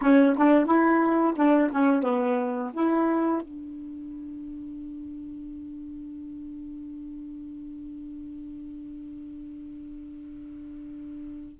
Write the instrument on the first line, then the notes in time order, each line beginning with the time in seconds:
saxophone
0.01 C#4
0.37 D4
0.65 E4
1.35 D4
1.71 C#4
2.03 B3
2.73 E4
3.41 D4